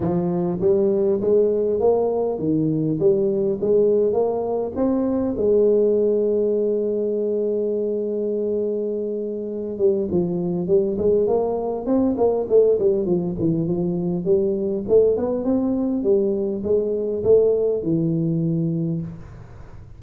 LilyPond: \new Staff \with { instrumentName = "tuba" } { \time 4/4 \tempo 4 = 101 f4 g4 gis4 ais4 | dis4 g4 gis4 ais4 | c'4 gis2.~ | gis1~ |
gis8 g8 f4 g8 gis8 ais4 | c'8 ais8 a8 g8 f8 e8 f4 | g4 a8 b8 c'4 g4 | gis4 a4 e2 | }